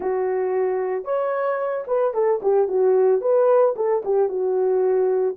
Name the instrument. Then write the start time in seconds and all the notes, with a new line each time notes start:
horn
0.00 F#4
1.04 C#5
1.87 B4
2.14 A4
2.42 G4
2.68 F#4
3.21 B4
3.75 A4
4.04 G4
4.29 F#4